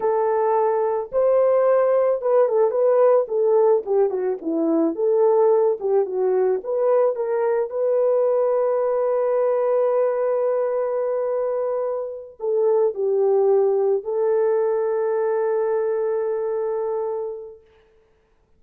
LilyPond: \new Staff \with { instrumentName = "horn" } { \time 4/4 \tempo 4 = 109 a'2 c''2 | b'8 a'8 b'4 a'4 g'8 fis'8 | e'4 a'4. g'8 fis'4 | b'4 ais'4 b'2~ |
b'1~ | b'2~ b'8 a'4 g'8~ | g'4. a'2~ a'8~ | a'1 | }